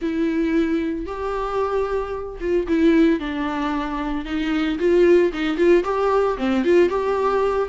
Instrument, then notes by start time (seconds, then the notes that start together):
viola
0.01 E4
1.05 G4
2.40 F4
2.67 E4
3.19 D4
4.25 D#4
4.79 F4
5.32 D#4
5.57 F4
5.84 G4
6.37 C4
6.64 F4
6.89 G4